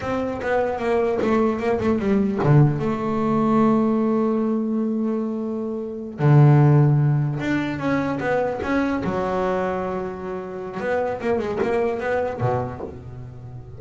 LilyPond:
\new Staff \with { instrumentName = "double bass" } { \time 4/4 \tempo 4 = 150 c'4 b4 ais4 a4 | ais8 a8 g4 d4 a4~ | a1~ | a2.~ a8 d8~ |
d2~ d8 d'4 cis'8~ | cis'8 b4 cis'4 fis4.~ | fis2. b4 | ais8 gis8 ais4 b4 b,4 | }